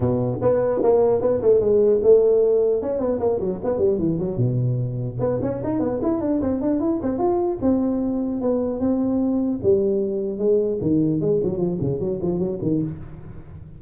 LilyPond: \new Staff \with { instrumentName = "tuba" } { \time 4/4 \tempo 4 = 150 b,4 b4 ais4 b8 a8 | gis4 a2 cis'8 b8 | ais8 fis8 b8 g8 e8 fis8 b,4~ | b,4 b8 cis'8 dis'8 b8 e'8 d'8 |
c'8 d'8 e'8 c'8 f'4 c'4~ | c'4 b4 c'2 | g2 gis4 dis4 | gis8 fis8 f8 cis8 fis8 f8 fis8 dis8 | }